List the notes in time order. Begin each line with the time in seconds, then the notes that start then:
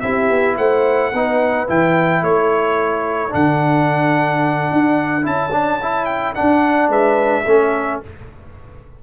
0.00 C4 E4 G4 E5
0.30 B3
0.57 A3 C5 F#5
1.13 B3 D#4 B4
1.67 E3 E4 G5
2.22 A3 A4 C#5
3.29 D3 D4 F#5
4.72 D4
5.22 C#4 E4 A5
5.52 D4
5.82 E4
6.05 G5
6.35 D4 F#5
6.89 G#3 B4 E5
7.45 A3 C#4 A4